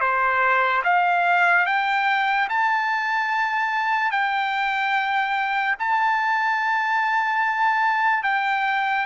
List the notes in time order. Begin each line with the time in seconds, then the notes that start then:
0.00 C5
0.84 F5
1.66 G5
2.49 A5
4.11 G5
5.79 A5
8.23 G5